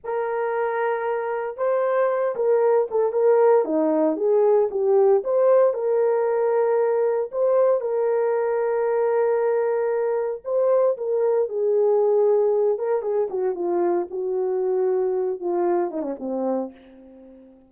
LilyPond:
\new Staff \with { instrumentName = "horn" } { \time 4/4 \tempo 4 = 115 ais'2. c''4~ | c''8 ais'4 a'8 ais'4 dis'4 | gis'4 g'4 c''4 ais'4~ | ais'2 c''4 ais'4~ |
ais'1 | c''4 ais'4 gis'2~ | gis'8 ais'8 gis'8 fis'8 f'4 fis'4~ | fis'4. f'4 dis'16 cis'16 c'4 | }